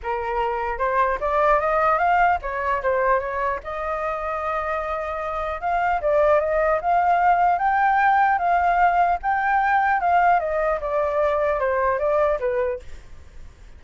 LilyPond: \new Staff \with { instrumentName = "flute" } { \time 4/4 \tempo 4 = 150 ais'2 c''4 d''4 | dis''4 f''4 cis''4 c''4 | cis''4 dis''2.~ | dis''2 f''4 d''4 |
dis''4 f''2 g''4~ | g''4 f''2 g''4~ | g''4 f''4 dis''4 d''4~ | d''4 c''4 d''4 b'4 | }